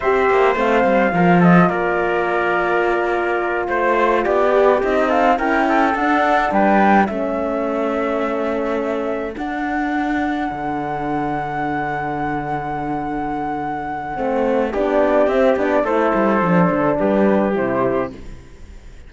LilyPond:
<<
  \new Staff \with { instrumentName = "flute" } { \time 4/4 \tempo 4 = 106 e''4 f''4. dis''8 d''4~ | d''2~ d''8 c''4 d''8~ | d''8 dis''8 f''8 g''4 fis''4 g''8~ | g''8 e''2.~ e''8~ |
e''8 fis''2.~ fis''8~ | fis''1~ | fis''2 d''4 e''8 d''8 | c''2 b'4 c''4 | }
  \new Staff \with { instrumentName = "trumpet" } { \time 4/4 c''2 ais'8 a'8 ais'4~ | ais'2~ ais'8 c''4 g'8~ | g'4 a'8 ais'8 a'4. b'8~ | b'8 a'2.~ a'8~ |
a'1~ | a'1~ | a'2 g'2 | a'2 g'2 | }
  \new Staff \with { instrumentName = "horn" } { \time 4/4 g'4 c'4 f'2~ | f'1 | g'8 dis'4 e'4 d'4.~ | d'8 cis'2.~ cis'8~ |
cis'8 d'2.~ d'8~ | d'1~ | d'4 c'4 d'4 c'8 d'8 | e'4 d'2 e'4 | }
  \new Staff \with { instrumentName = "cello" } { \time 4/4 c'8 ais8 a8 g8 f4 ais4~ | ais2~ ais8 a4 b8~ | b8 c'4 cis'4 d'4 g8~ | g8 a2.~ a8~ |
a8 d'2 d4.~ | d1~ | d4 a4 b4 c'8 b8 | a8 g8 f8 d8 g4 c4 | }
>>